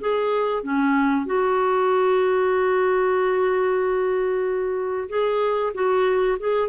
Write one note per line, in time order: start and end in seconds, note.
0.00 0.63 G#4
0.63 1.26 C#4
1.26 5.09 F#4
5.09 5.73 G#4
5.74 6.38 F#4
6.39 6.68 G#4